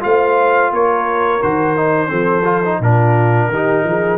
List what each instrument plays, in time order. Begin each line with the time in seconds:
0.00 tuba A3, trombone F4, horn C5, trumpet F5
0.70 tuba A#3, horn A#4, trumpet C#5
1.42 tuba D#3, trombone F#4, trumpet C5
1.76 trombone D#4
2.08 tuba F3, trombone C4, horn A4
2.44 trombone F4
2.65 trombone D#4
2.79 tuba A#2, trombone D4, horn F4, trumpet A#4
3.48 tuba D#3, trombone D#4, horn G4
3.84 tuba F3, horn G#4